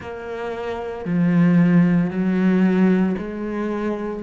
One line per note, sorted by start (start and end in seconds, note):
0.00 1.05 A#3
1.05 2.10 F3
2.10 3.15 F#3
3.18 4.22 G#3